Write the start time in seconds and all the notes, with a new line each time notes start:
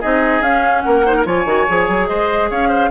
0.00 C4 D#4 G#4 D#5
0.41 C#4 F5
0.81 A#3 A#4 F#5
1.05 D#4 C5
1.16 A#4
1.25 F3 F4 C#5 G#5
1.45 D#3 F#4
1.68 F3 G#4
1.88 F#3
2.07 G#3 C5 D#5
2.50 C#4 C#5 F5
2.68 C5